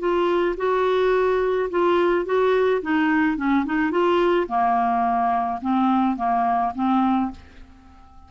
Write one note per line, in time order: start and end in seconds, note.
0.00 0.56 F4
0.58 1.70 F#4
1.71 2.26 F4
2.26 2.82 F#4
2.82 3.37 D#4
3.37 3.66 C#4
3.66 3.92 D#4
3.92 4.48 F4
4.48 5.60 A#3
5.62 6.17 C4
6.17 6.73 A#3
6.75 7.32 C4